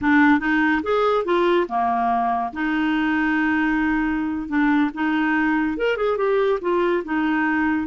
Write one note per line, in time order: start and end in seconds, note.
0.01 0.39 D4
0.39 0.81 D#4
0.83 1.24 G#4
1.24 1.66 F4
1.68 2.52 A#3
2.53 4.48 D#4
4.48 4.90 D4
4.93 5.77 D#4
5.77 5.97 A#4
5.97 6.17 G#4
6.17 6.59 G4
6.61 7.03 F4
7.04 7.87 D#4